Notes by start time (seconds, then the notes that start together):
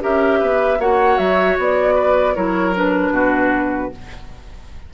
0.00 C#4 G4 A#4 E5
0.39 B3 B4
0.79 A#3 F#4 C#5 F#5
1.17 F#3 E5
1.58 B3 D5
1.94 B4
2.35 F#3 E4 A#4 C#5
2.74 D4 B4
3.10 B2 F#4